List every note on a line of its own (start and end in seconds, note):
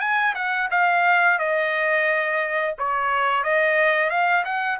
0.00 0.34 G#5
0.35 0.69 F#5
0.71 1.39 F5
1.39 2.75 D#5
2.78 3.44 C#5
3.44 4.10 D#5
4.10 4.44 F5
4.45 4.79 F#5